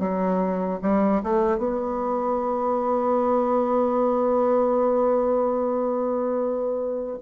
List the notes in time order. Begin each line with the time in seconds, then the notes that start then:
0.00 F#3
0.83 G3
1.23 A3
1.58 B3